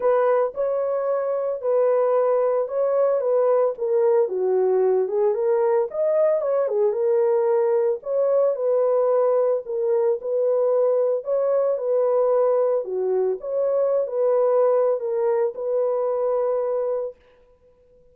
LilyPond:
\new Staff \with { instrumentName = "horn" } { \time 4/4 \tempo 4 = 112 b'4 cis''2 b'4~ | b'4 cis''4 b'4 ais'4 | fis'4. gis'8 ais'4 dis''4 | cis''8 gis'8 ais'2 cis''4 |
b'2 ais'4 b'4~ | b'4 cis''4 b'2 | fis'4 cis''4~ cis''16 b'4.~ b'16 | ais'4 b'2. | }